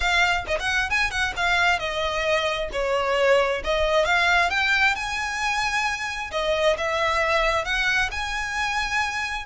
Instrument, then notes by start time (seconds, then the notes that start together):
violin
0.00 F5
0.47 D#5
0.59 F#5
0.90 G#5
1.11 F#5
1.36 F5
1.79 D#5
2.72 C#5
3.64 D#5
4.05 F5
4.50 G5
4.95 G#5
6.31 D#5
6.77 E5
7.64 F#5
8.11 G#5